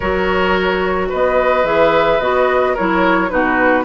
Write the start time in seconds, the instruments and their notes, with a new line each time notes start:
0.00 bassoon F#3, clarinet F#4, oboe A#4, flute C#5
1.09 bassoon B3, oboe B4, flute D#5
1.64 bassoon E3, clarinet G#4, flute E5
2.19 bassoon B3, clarinet F#4, flute D#5
2.74 bassoon F#3, clarinet E4, oboe A#4, flute C#5
3.29 bassoon B2, clarinet D#4, oboe F#4, flute B4